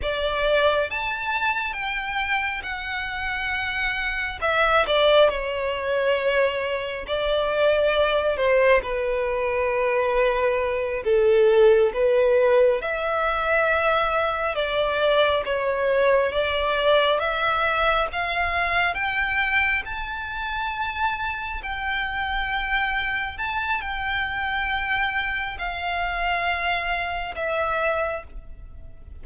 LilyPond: \new Staff \with { instrumentName = "violin" } { \time 4/4 \tempo 4 = 68 d''4 a''4 g''4 fis''4~ | fis''4 e''8 d''8 cis''2 | d''4. c''8 b'2~ | b'8 a'4 b'4 e''4.~ |
e''8 d''4 cis''4 d''4 e''8~ | e''8 f''4 g''4 a''4.~ | a''8 g''2 a''8 g''4~ | g''4 f''2 e''4 | }